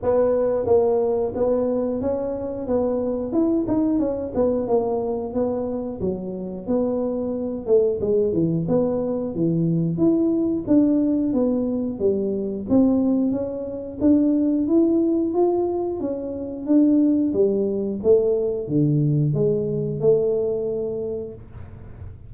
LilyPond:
\new Staff \with { instrumentName = "tuba" } { \time 4/4 \tempo 4 = 90 b4 ais4 b4 cis'4 | b4 e'8 dis'8 cis'8 b8 ais4 | b4 fis4 b4. a8 | gis8 e8 b4 e4 e'4 |
d'4 b4 g4 c'4 | cis'4 d'4 e'4 f'4 | cis'4 d'4 g4 a4 | d4 gis4 a2 | }